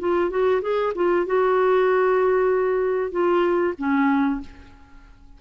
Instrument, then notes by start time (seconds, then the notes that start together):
clarinet
0.00 F4
0.30 F#4
0.62 G#4
0.95 F4
1.26 F#4
3.12 F4
3.78 C#4